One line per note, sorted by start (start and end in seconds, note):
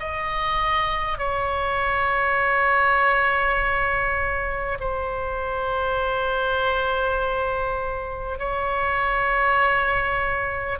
0.00 1.18 D#5
1.18 4.78 C#5
4.81 8.39 C5
8.39 10.79 C#5